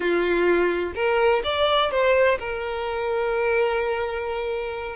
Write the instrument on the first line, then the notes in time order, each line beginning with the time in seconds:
violin
0.00 F4
0.95 A#4
1.44 D5
1.91 C5
2.39 A#4